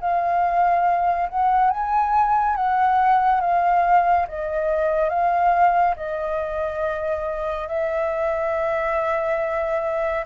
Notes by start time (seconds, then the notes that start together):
0.00 F5
1.29 F#5
1.70 G#5
2.56 F#5
3.41 F5
4.28 D#5
5.09 F5
5.96 D#5
7.68 E5